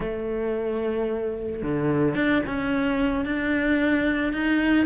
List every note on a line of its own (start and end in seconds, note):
0.00 1.62 A3
1.62 2.14 D3
2.14 2.42 D4
2.46 3.25 C#4
3.25 4.32 D4
4.32 4.86 D#4